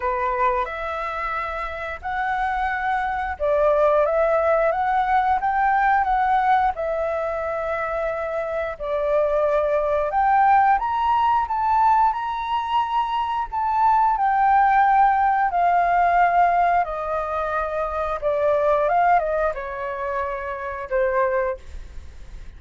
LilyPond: \new Staff \with { instrumentName = "flute" } { \time 4/4 \tempo 4 = 89 b'4 e''2 fis''4~ | fis''4 d''4 e''4 fis''4 | g''4 fis''4 e''2~ | e''4 d''2 g''4 |
ais''4 a''4 ais''2 | a''4 g''2 f''4~ | f''4 dis''2 d''4 | f''8 dis''8 cis''2 c''4 | }